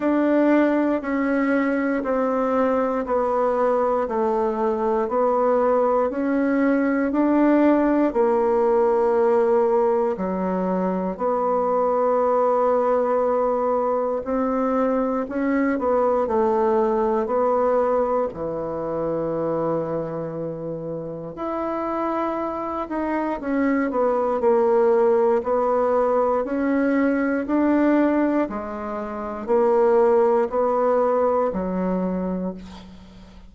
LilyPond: \new Staff \with { instrumentName = "bassoon" } { \time 4/4 \tempo 4 = 59 d'4 cis'4 c'4 b4 | a4 b4 cis'4 d'4 | ais2 fis4 b4~ | b2 c'4 cis'8 b8 |
a4 b4 e2~ | e4 e'4. dis'8 cis'8 b8 | ais4 b4 cis'4 d'4 | gis4 ais4 b4 fis4 | }